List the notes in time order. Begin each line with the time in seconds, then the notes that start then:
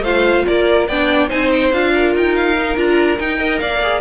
0.00 A3 F4 C5 F5
0.46 A#3 A#4 D5
0.87 B3 D4 D5 G5
1.28 C4 D#4 C5 G#5
1.51 G5
1.72 D4 F4 F5
1.94 A#4
2.14 D#4 G5
2.35 F5
2.58 D#4
2.76 D4 F4 A#5
3.19 D#4 G5
3.38 A#4 D#5
3.58 A#3 D5 F5
3.82 G#4